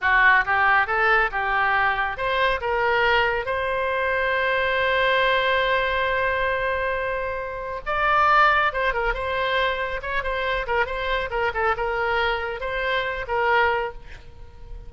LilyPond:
\new Staff \with { instrumentName = "oboe" } { \time 4/4 \tempo 4 = 138 fis'4 g'4 a'4 g'4~ | g'4 c''4 ais'2 | c''1~ | c''1~ |
c''2 d''2 | c''8 ais'8 c''2 cis''8 c''8~ | c''8 ais'8 c''4 ais'8 a'8 ais'4~ | ais'4 c''4. ais'4. | }